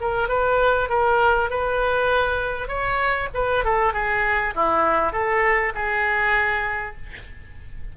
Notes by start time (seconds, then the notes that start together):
0.00 A#4
0.28 B4
0.89 A#4
1.50 B4
2.68 C#5
3.34 B4
3.64 A4
3.93 G#4
4.55 E4
5.12 A4
5.75 G#4